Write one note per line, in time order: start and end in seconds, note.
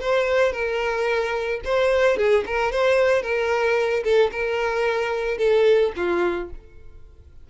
0.00 0.52 C5
0.52 1.60 A#4
1.65 2.17 C5
2.17 2.44 G#4
2.46 2.72 A#4
2.72 3.22 C5
3.22 4.03 A#4
4.04 4.31 A4
4.32 5.38 A#4
5.38 5.92 A4
5.96 6.50 F4